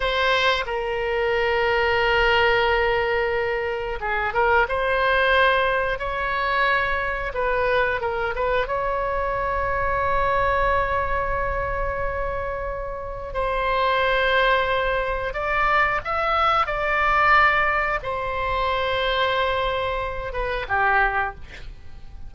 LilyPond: \new Staff \with { instrumentName = "oboe" } { \time 4/4 \tempo 4 = 90 c''4 ais'2.~ | ais'2 gis'8 ais'8 c''4~ | c''4 cis''2 b'4 | ais'8 b'8 cis''2.~ |
cis''1 | c''2. d''4 | e''4 d''2 c''4~ | c''2~ c''8 b'8 g'4 | }